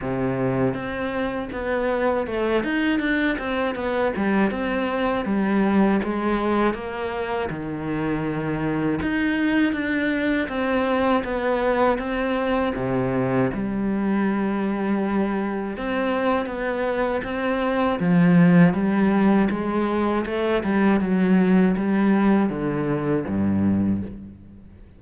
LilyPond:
\new Staff \with { instrumentName = "cello" } { \time 4/4 \tempo 4 = 80 c4 c'4 b4 a8 dis'8 | d'8 c'8 b8 g8 c'4 g4 | gis4 ais4 dis2 | dis'4 d'4 c'4 b4 |
c'4 c4 g2~ | g4 c'4 b4 c'4 | f4 g4 gis4 a8 g8 | fis4 g4 d4 g,4 | }